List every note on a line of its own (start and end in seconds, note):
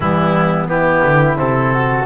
0.00 1.01 E3
0.00 0.67 G3
0.00 0.70 B3
0.00 0.67 E4
0.67 1.35 B3
0.67 1.73 E4
0.67 1.37 G4
1.04 1.38 D3
1.35 2.06 C3
1.35 2.04 C4
1.35 2.06 A4
1.73 2.06 F#4